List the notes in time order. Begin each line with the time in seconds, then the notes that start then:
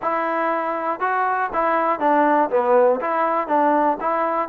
0.01 E4
1.00 F#4
1.53 E4
1.99 D4
2.50 B3
3.00 E4
3.47 D4
4.00 E4